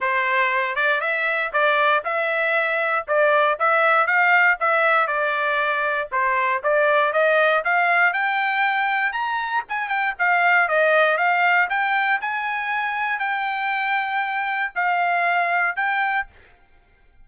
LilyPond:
\new Staff \with { instrumentName = "trumpet" } { \time 4/4 \tempo 4 = 118 c''4. d''8 e''4 d''4 | e''2 d''4 e''4 | f''4 e''4 d''2 | c''4 d''4 dis''4 f''4 |
g''2 ais''4 gis''8 g''8 | f''4 dis''4 f''4 g''4 | gis''2 g''2~ | g''4 f''2 g''4 | }